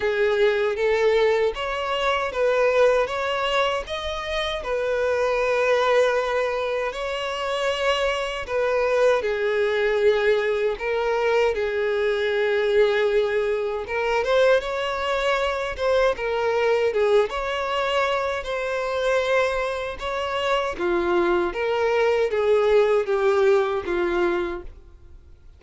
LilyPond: \new Staff \with { instrumentName = "violin" } { \time 4/4 \tempo 4 = 78 gis'4 a'4 cis''4 b'4 | cis''4 dis''4 b'2~ | b'4 cis''2 b'4 | gis'2 ais'4 gis'4~ |
gis'2 ais'8 c''8 cis''4~ | cis''8 c''8 ais'4 gis'8 cis''4. | c''2 cis''4 f'4 | ais'4 gis'4 g'4 f'4 | }